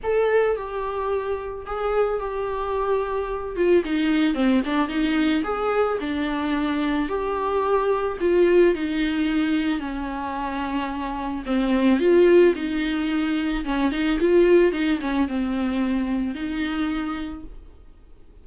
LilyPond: \new Staff \with { instrumentName = "viola" } { \time 4/4 \tempo 4 = 110 a'4 g'2 gis'4 | g'2~ g'8 f'8 dis'4 | c'8 d'8 dis'4 gis'4 d'4~ | d'4 g'2 f'4 |
dis'2 cis'2~ | cis'4 c'4 f'4 dis'4~ | dis'4 cis'8 dis'8 f'4 dis'8 cis'8 | c'2 dis'2 | }